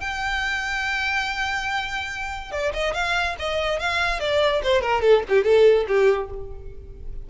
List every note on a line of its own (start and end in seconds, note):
0.00 2.51 G5
2.51 2.72 D5
2.73 2.94 D#5
2.94 3.35 F5
3.39 3.79 D#5
3.79 4.20 F5
4.20 4.62 D5
4.63 4.81 C5
4.81 5.02 A#4
5.02 5.23 A4
5.29 5.44 G4
5.44 5.86 A4
5.87 6.29 G4